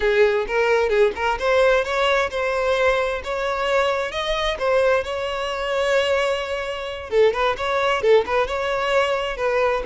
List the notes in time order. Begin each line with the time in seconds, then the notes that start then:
0.00 G#4
0.47 A#4
0.89 G#4
1.15 A#4
1.39 C5
1.84 C#5
2.30 C5
3.24 C#5
4.11 D#5
4.58 C5
5.03 C#5
7.10 A4
7.33 B4
7.57 C#5
8.02 A4
8.26 B4
8.47 C#5
9.36 B4